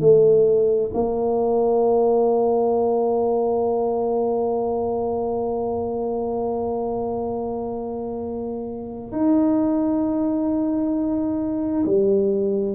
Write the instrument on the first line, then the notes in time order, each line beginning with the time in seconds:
tuba
0.00 A3
0.93 A#3
9.12 D#4
11.85 G3